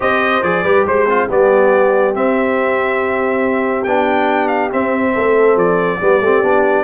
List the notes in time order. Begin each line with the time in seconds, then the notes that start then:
0.00 C4 G4 C5 D#5
0.42 F3 G#4 D5
0.63 G3 G4 B4
0.86 G#3 C5
1.06 C4 F4
1.27 G3 B3 G4 D5
2.14 C4 E5
3.84 B3 D4 G5
4.48 F5
4.71 C4 E5
5.13 A3 A4
5.56 F3 D5
6.00 G3 B3 G4
6.20 A3 C4
6.42 B3 D4